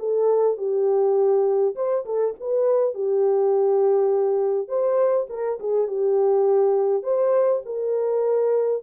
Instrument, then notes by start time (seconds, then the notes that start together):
horn
0.00 A4
0.58 G4
1.76 C5
2.06 A4
2.41 B4
2.95 G4
4.69 C5
5.30 A#4
5.60 G#4
5.88 G4
7.03 C5
7.66 A#4